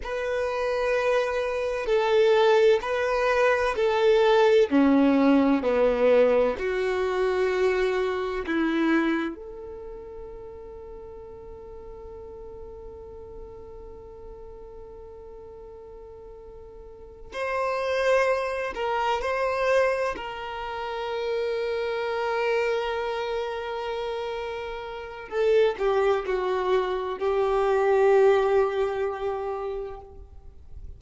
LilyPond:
\new Staff \with { instrumentName = "violin" } { \time 4/4 \tempo 4 = 64 b'2 a'4 b'4 | a'4 cis'4 b4 fis'4~ | fis'4 e'4 a'2~ | a'1~ |
a'2~ a'8 c''4. | ais'8 c''4 ais'2~ ais'8~ | ais'2. a'8 g'8 | fis'4 g'2. | }